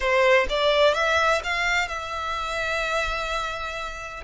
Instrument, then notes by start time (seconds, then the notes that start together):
violin
0.00 C5
0.49 D5
0.94 E5
1.43 F5
1.87 E5